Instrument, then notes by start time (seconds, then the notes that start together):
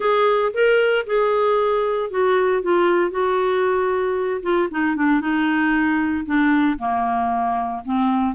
clarinet
0.00 G#4
0.53 A#4
1.06 G#4
2.10 F#4
2.62 F4
3.10 F#4
4.42 F4
4.71 D#4
4.95 D4
5.20 D#4
6.25 D4
6.78 A#3
7.85 C4